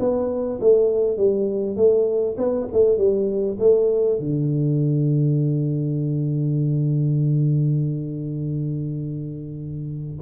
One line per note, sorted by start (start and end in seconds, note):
0.00 0.60 B3
0.61 1.18 A3
1.18 1.76 G3
1.76 2.36 A3
2.38 2.68 B3
2.72 2.98 A3
2.98 3.58 G3
3.60 4.19 A3
4.19 10.19 D3